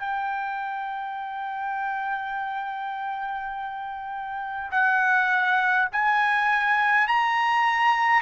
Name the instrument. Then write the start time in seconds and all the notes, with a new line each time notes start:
trumpet
0.00 G5
4.72 F#5
5.93 G#5
7.08 A#5